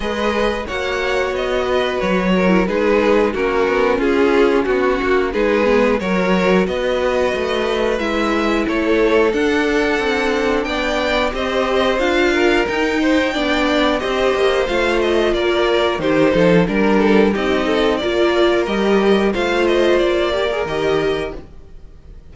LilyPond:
<<
  \new Staff \with { instrumentName = "violin" } { \time 4/4 \tempo 4 = 90 dis''4 fis''4 dis''4 cis''4 | b'4 ais'4 gis'4 fis'4 | b'4 cis''4 dis''2 | e''4 cis''4 fis''2 |
g''4 dis''4 f''4 g''4~ | g''4 dis''4 f''8 dis''8 d''4 | c''4 ais'4 dis''4 d''4 | dis''4 f''8 dis''8 d''4 dis''4 | }
  \new Staff \with { instrumentName = "violin" } { \time 4/4 b'4 cis''4. b'4 ais'8 | gis'4 fis'4 f'4 fis'4 | gis'4 ais'4 b'2~ | b'4 a'2. |
d''4 c''4. ais'4 c''8 | d''4 c''2 ais'4 | g'8 a'8 ais'8 a'8 g'8 a'8 ais'4~ | ais'4 c''4. ais'4. | }
  \new Staff \with { instrumentName = "viola" } { \time 4/4 gis'4 fis'2~ fis'8. e'16 | dis'4 cis'2. | dis'8 b8 fis'2. | e'2 d'2~ |
d'4 g'4 f'4 dis'4 | d'4 g'4 f'2 | dis'4 d'4 dis'4 f'4 | g'4 f'4. g'16 gis'16 g'4 | }
  \new Staff \with { instrumentName = "cello" } { \time 4/4 gis4 ais4 b4 fis4 | gis4 ais8 b8 cis'4 b8 ais8 | gis4 fis4 b4 a4 | gis4 a4 d'4 c'4 |
b4 c'4 d'4 dis'4 | b4 c'8 ais8 a4 ais4 | dis8 f8 g4 c'4 ais4 | g4 a4 ais4 dis4 | }
>>